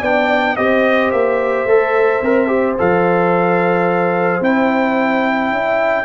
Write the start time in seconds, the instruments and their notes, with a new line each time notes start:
0.00 tuba B3, trombone D4, horn D5, trumpet G5
0.56 tuba C4, trombone G4, horn C5, trumpet D#5
1.11 tuba A#3, trumpet E5
1.65 tuba A3, trombone A4
2.22 tuba C4, trombone A#4
2.47 trombone G4
2.78 tuba F3, trombone A4, trumpet F5
4.41 tuba C4, trombone E4, trumpet G5
5.51 tuba C#4, horn E5